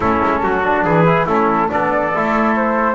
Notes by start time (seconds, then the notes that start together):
0.00 A3 C#4 E4 A4
0.23 G#3
0.42 F#3 F#4
0.63 D4
0.84 E3 G#4 B4
1.06 E4
1.26 A3 C#4 E4 A4
1.69 B3 D4 A4 D5
2.15 A3 E4
2.55 C5